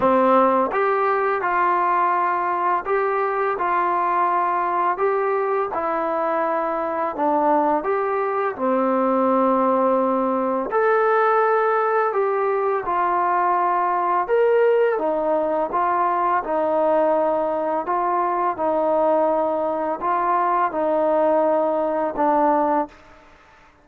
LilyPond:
\new Staff \with { instrumentName = "trombone" } { \time 4/4 \tempo 4 = 84 c'4 g'4 f'2 | g'4 f'2 g'4 | e'2 d'4 g'4 | c'2. a'4~ |
a'4 g'4 f'2 | ais'4 dis'4 f'4 dis'4~ | dis'4 f'4 dis'2 | f'4 dis'2 d'4 | }